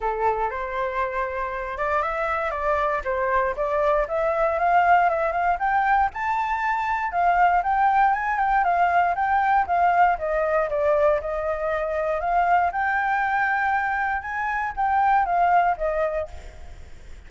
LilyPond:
\new Staff \with { instrumentName = "flute" } { \time 4/4 \tempo 4 = 118 a'4 c''2~ c''8 d''8 | e''4 d''4 c''4 d''4 | e''4 f''4 e''8 f''8 g''4 | a''2 f''4 g''4 |
gis''8 g''8 f''4 g''4 f''4 | dis''4 d''4 dis''2 | f''4 g''2. | gis''4 g''4 f''4 dis''4 | }